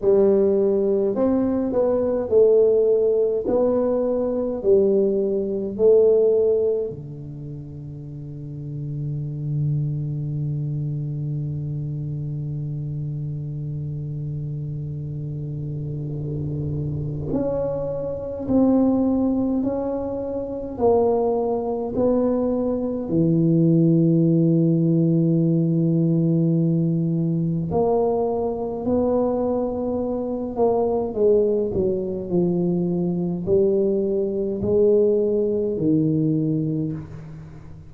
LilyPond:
\new Staff \with { instrumentName = "tuba" } { \time 4/4 \tempo 4 = 52 g4 c'8 b8 a4 b4 | g4 a4 d2~ | d1~ | d2. cis'4 |
c'4 cis'4 ais4 b4 | e1 | ais4 b4. ais8 gis8 fis8 | f4 g4 gis4 dis4 | }